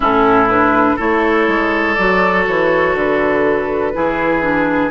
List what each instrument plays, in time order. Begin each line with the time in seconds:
0.00 bassoon A2, clarinet C#4, oboe E4, flute A4
0.49 clarinet D4, flute B4
0.96 bassoon A3, clarinet E4, oboe A4, flute C#5
1.47 bassoon G#3
1.94 bassoon F#3, clarinet F#4, flute D5
2.47 bassoon E3, flute C#5
2.94 bassoon D3, flute B4
3.93 bassoon E3, clarinet E4, oboe G#4
4.41 clarinet D4